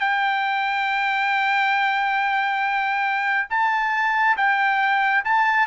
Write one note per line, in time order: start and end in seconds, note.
0.00 3.48 G5
3.50 4.37 A5
4.37 5.24 G5
5.25 5.67 A5